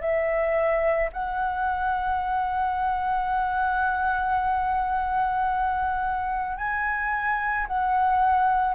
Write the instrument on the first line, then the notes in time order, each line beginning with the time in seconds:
flute
0.00 E5
1.12 F#5
6.58 G#5
7.67 F#5